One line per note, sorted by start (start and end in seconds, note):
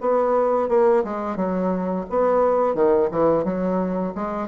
0.00 0.68 B3
0.68 1.03 A#3
1.04 1.36 G#3
1.36 2.05 F#3
2.09 2.74 B3
2.74 3.09 D#3
3.11 3.44 E3
3.44 4.13 F#3
4.15 4.47 G#3